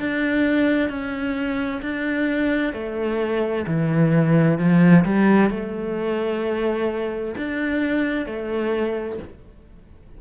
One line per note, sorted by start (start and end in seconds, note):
0.00 0.89 D4
0.89 1.82 C#4
1.82 2.74 D4
2.74 3.66 A3
3.67 4.59 E3
4.59 5.05 F3
5.05 5.50 G3
5.50 7.35 A3
7.38 8.26 D4
8.26 9.18 A3